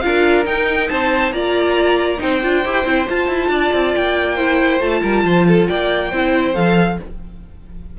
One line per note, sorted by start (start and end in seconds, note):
0.00 0.46 D4
0.00 0.44 F4
0.00 0.90 A#4
0.00 0.43 F5
0.44 1.31 D#4
0.44 0.89 D#4
0.44 0.88 G5
0.88 1.32 C4
0.88 1.33 C5
0.88 1.32 A5
1.32 2.18 A#3
1.32 2.18 F4
1.32 2.20 D5
1.32 2.19 A#5
2.18 2.43 C4
2.18 2.39 D#4
2.18 3.50 C5
2.18 3.08 G5
2.42 2.65 D4
2.42 2.64 F4
2.65 2.85 E4
2.65 2.85 G4
2.85 3.07 C4
2.85 3.07 E4
3.08 4.37 F4
3.08 3.27 F4
3.08 3.94 A5
3.27 3.48 E4
3.48 3.70 D4
3.48 4.35 D5
3.73 3.95 C4
3.94 4.80 A#3
3.94 4.80 G5
4.35 4.80 E4
4.35 5.00 C5
4.80 5.02 A3
4.80 6.10 F4
4.80 5.67 A5
5.01 5.24 G3
5.01 5.23 A#4
5.24 5.67 F3
5.24 5.47 C5
5.47 5.69 A4
5.68 6.12 A#3
5.68 6.10 D5
5.68 6.55 G5
6.10 6.55 C4
6.10 6.54 E4
6.10 6.97 C5
6.54 6.99 F3
6.54 6.97 A4
6.54 6.98 F5